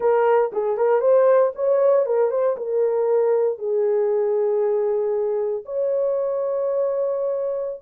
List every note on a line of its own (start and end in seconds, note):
0.00 0.51 A#4
0.52 0.77 G#4
0.77 1.00 A#4
1.00 1.52 C5
1.55 2.05 C#5
2.05 2.30 A#4
2.30 2.56 C5
2.56 3.58 A#4
3.58 5.63 G#4
5.65 7.81 C#5